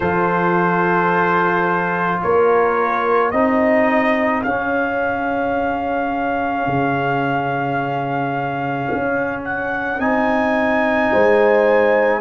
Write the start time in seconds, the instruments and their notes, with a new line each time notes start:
0.00 tuba F3, trombone F4, horn A4, trumpet C5
2.22 tuba A#3, horn A#4, trumpet C#5
3.31 tuba C4, trombone D#4, horn G#4, trumpet D#5
4.43 tuba C#4, trombone C#4, trumpet F5
6.66 tuba C#3
8.91 tuba C#4
9.44 trumpet F#5
9.98 tuba C4, trombone D#4, trumpet G#5
11.12 tuba G#3, horn C5